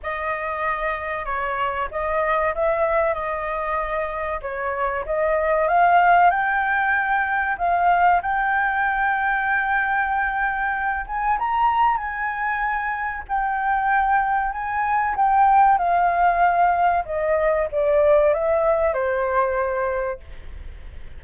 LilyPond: \new Staff \with { instrumentName = "flute" } { \time 4/4 \tempo 4 = 95 dis''2 cis''4 dis''4 | e''4 dis''2 cis''4 | dis''4 f''4 g''2 | f''4 g''2.~ |
g''4. gis''8 ais''4 gis''4~ | gis''4 g''2 gis''4 | g''4 f''2 dis''4 | d''4 e''4 c''2 | }